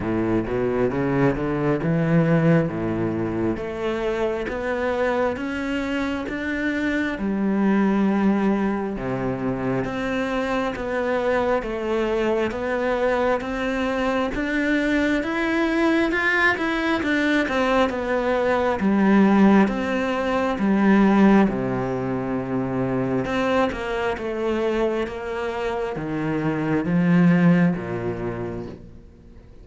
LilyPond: \new Staff \with { instrumentName = "cello" } { \time 4/4 \tempo 4 = 67 a,8 b,8 cis8 d8 e4 a,4 | a4 b4 cis'4 d'4 | g2 c4 c'4 | b4 a4 b4 c'4 |
d'4 e'4 f'8 e'8 d'8 c'8 | b4 g4 c'4 g4 | c2 c'8 ais8 a4 | ais4 dis4 f4 ais,4 | }